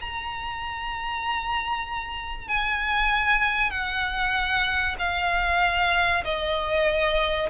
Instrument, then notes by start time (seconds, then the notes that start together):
violin
0.00 A#5
2.48 G#5
3.70 F#5
4.99 F5
6.24 D#5